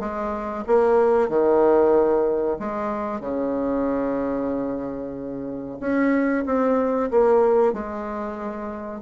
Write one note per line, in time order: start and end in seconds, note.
0.00 0.65 G#3
0.67 1.29 A#3
1.29 2.58 D#3
2.60 3.21 G#3
3.21 5.79 C#3
5.80 6.45 C#4
6.46 7.11 C4
7.11 7.74 A#3
7.74 9.02 G#3